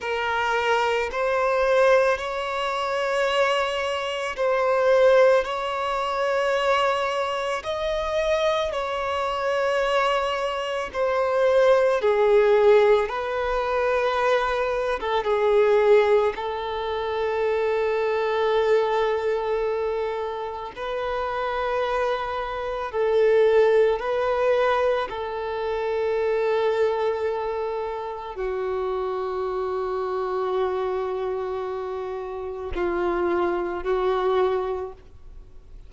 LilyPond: \new Staff \with { instrumentName = "violin" } { \time 4/4 \tempo 4 = 55 ais'4 c''4 cis''2 | c''4 cis''2 dis''4 | cis''2 c''4 gis'4 | b'4.~ b'16 a'16 gis'4 a'4~ |
a'2. b'4~ | b'4 a'4 b'4 a'4~ | a'2 fis'2~ | fis'2 f'4 fis'4 | }